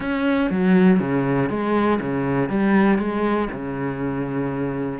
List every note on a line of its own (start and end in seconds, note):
0.00 0.50 C#4
0.50 0.99 F#3
0.99 1.49 C#3
1.49 1.99 G#3
2.00 2.49 C#3
2.49 2.98 G3
2.98 3.48 G#3
3.51 4.99 C#3